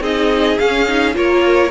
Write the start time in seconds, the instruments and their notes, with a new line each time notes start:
0.00 cello C4, viola D#4, violin G#4 D#5
0.58 viola C#4, cello C#4, violin F5
0.88 viola D#4
1.13 cello A#3, viola F4, violin A#4 C#5